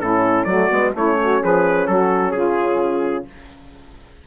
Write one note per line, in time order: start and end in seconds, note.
0.00 0.45 A2
0.00 0.48 C#4
0.00 0.47 E4
0.00 0.44 A4
0.44 0.69 F#3
0.44 0.70 A3
0.44 0.93 F#4
0.44 0.91 D5
0.70 0.94 G#3
0.70 0.93 B3
0.94 1.41 A3
0.94 3.26 C#4
0.94 1.17 E4
0.94 1.43 C#5
1.22 1.42 F#4
1.42 1.87 F3
1.42 1.88 G#4
1.42 1.87 B4
1.87 2.33 F#3
1.87 2.34 F#4
1.87 2.31 A4
2.31 3.26 C#3
2.31 3.27 F4
2.31 3.24 G#4